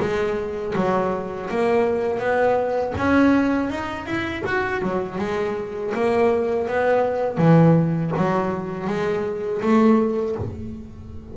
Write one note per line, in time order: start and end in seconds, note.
0.00 0.74 G#3
0.76 1.50 F#3
1.50 2.19 A#3
2.19 2.93 B3
2.98 3.70 C#4
3.70 4.06 D#4
4.06 4.43 E4
4.46 4.82 F#4
4.82 5.19 F#3
5.19 5.93 G#3
5.95 6.68 A#3
6.68 7.38 B3
7.38 8.12 E3
8.17 8.87 F#3
8.87 9.61 G#3
9.62 10.36 A3